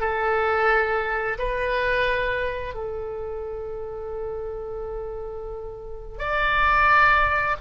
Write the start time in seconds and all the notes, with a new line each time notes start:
0.00 A4
1.39 B4
2.75 A4
6.19 D5